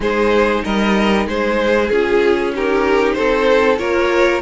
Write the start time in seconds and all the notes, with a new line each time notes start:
0.00 G#3 D#4 G#4 C5
0.64 G3 A#4 D#5
1.26 G#3 G#4 C5
1.89 C#4 F4 G#4
2.54 D#4 G4 A#4
3.12 C4 A4 C5
3.78 A#3 F4 A#4 C#5